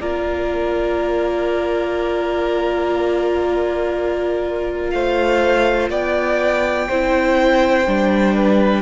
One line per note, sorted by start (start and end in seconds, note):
0.00 4.92 A#3
0.00 6.90 F4
0.00 4.93 A#4
0.00 4.90 D5
4.90 5.90 A3
4.90 5.90 C5
4.90 5.88 F5
5.90 6.88 B3
5.90 6.88 D5
5.90 8.82 G5
6.88 7.86 C4
6.88 7.86 E4
6.88 8.35 C5
7.86 8.82 G3
7.86 8.82 D4
8.35 8.82 B4